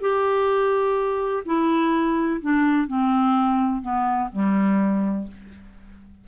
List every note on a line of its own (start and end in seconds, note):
0.00 1.43 G4
1.45 2.40 E4
2.41 2.87 D4
2.87 3.81 C4
3.81 4.29 B3
4.32 5.27 G3